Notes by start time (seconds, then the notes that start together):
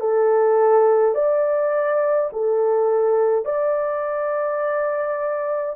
0.00 A4
1.14 D5
2.32 A4
3.45 D5